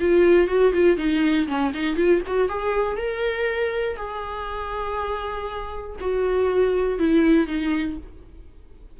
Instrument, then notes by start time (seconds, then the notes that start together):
viola
0.00 F4
0.48 F#4
0.73 F4
0.97 D#4
1.47 C#4
1.74 D#4
1.96 F4
2.26 F#4
2.49 G#4
2.97 A#4
3.97 G#4
6.00 F#4
6.99 E4
7.47 D#4